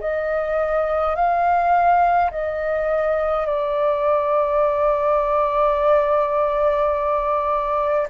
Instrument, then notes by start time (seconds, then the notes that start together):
flute
0.00 D#5
1.15 F5
2.30 D#5
3.46 D5